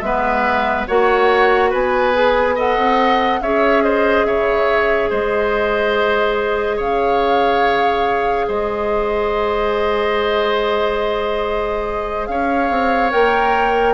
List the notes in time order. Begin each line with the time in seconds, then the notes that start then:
0.00 G#3 B3 B4 E5
0.87 A#3 F#4 C#5 F#5
1.70 B3 B4 G#5
2.13 G#4
2.55 A4 D#5 F#5
2.77 C4
3.40 C#4 G#4 C#5 E5
3.84 C5 D#5
4.24 C#3 C#5 E5
5.09 G#3 C5 D#5
6.76 C#3 C#5 F5
8.48 G#3 C5 D#5
12.26 C#4 C#5 F5
12.70 C4
13.10 A#3 A#4 G5